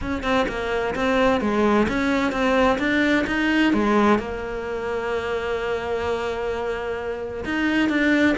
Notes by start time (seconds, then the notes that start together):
0.01 C#4
0.23 C4
0.48 A#3
0.95 C4
1.40 G#3
1.88 C#4
2.32 C4
2.78 D4
3.27 D#4
3.73 G#3
4.18 A#3
7.45 D#4
7.89 D4